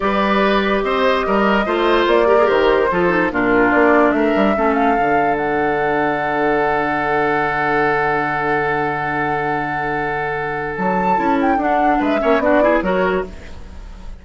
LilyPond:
<<
  \new Staff \with { instrumentName = "flute" } { \time 4/4 \tempo 4 = 145 d''2 dis''2~ | dis''4 d''4 c''2 | ais'4 d''4 e''4. f''8~ | f''4 fis''2.~ |
fis''1~ | fis''1~ | fis''2 a''4. g''8 | fis''4 e''4 d''4 cis''4 | }
  \new Staff \with { instrumentName = "oboe" } { \time 4/4 b'2 c''4 ais'4 | c''4. ais'4. a'4 | f'2 ais'4 a'4~ | a'1~ |
a'1~ | a'1~ | a'1~ | a'4 b'8 cis''8 fis'8 gis'8 ais'4 | }
  \new Staff \with { instrumentName = "clarinet" } { \time 4/4 g'1 | f'4. g'16 gis'16 g'4 f'8 dis'8 | d'2. cis'4 | d'1~ |
d'1~ | d'1~ | d'2. e'4 | d'4. cis'8 d'8 e'8 fis'4 | }
  \new Staff \with { instrumentName = "bassoon" } { \time 4/4 g2 c'4 g4 | a4 ais4 dis4 f4 | ais,4 ais4 a8 g8 a4 | d1~ |
d1~ | d1~ | d2 fis4 cis'4 | d'4 gis8 ais8 b4 fis4 | }
>>